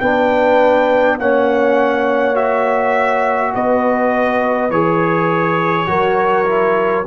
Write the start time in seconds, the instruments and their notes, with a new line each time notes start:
0.00 tuba B3, trombone D4, horn B4, trumpet G5
1.18 tuba A#3, trombone C#4, horn C#5, trumpet F#5
2.35 trombone F#4, trumpet E5
3.53 tuba B3, horn B4, trumpet D#5
4.70 tuba E3, trombone G#4, trumpet C#5
5.86 tuba F#3, trombone F#4, horn A#4
6.45 trombone E4